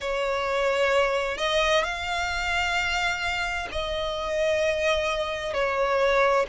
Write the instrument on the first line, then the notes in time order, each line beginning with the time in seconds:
violin
0.00 C#5
1.37 D#5
1.83 F5
3.71 D#5
5.53 C#5